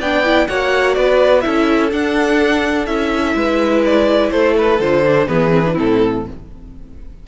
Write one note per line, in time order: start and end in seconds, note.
0.00 0.48 B3
0.00 0.25 D4
0.00 0.48 D5
0.00 0.47 G5
0.25 0.49 E4
0.47 0.97 A#3
0.47 1.42 F#4
0.47 0.97 C#5
0.47 0.95 F#5
0.95 1.45 B3
0.95 1.45 B4
0.95 1.41 D5
1.41 1.92 C#4
1.41 1.90 E4
1.41 3.36 A4
1.41 1.89 E5
1.92 2.87 D4
1.92 2.86 F#5
2.86 3.35 C#4
2.86 4.79 E4
2.86 3.82 E5
3.35 4.31 G#3
3.35 4.32 B4
3.85 4.31 D5
4.31 4.80 A3
4.31 5.28 A4
4.31 4.55 C5
4.58 4.81 B4
4.80 5.28 D3
4.80 5.05 F4
4.80 5.28 C5
5.06 5.28 D4
5.28 5.77 E3
5.28 5.51 B3
5.28 5.73 G#4
5.28 5.76 B4
5.51 5.63 C4
5.66 5.75 D4
5.73 6.23 C4
5.73 6.21 E4
5.73 6.27 A4
5.80 6.28 A2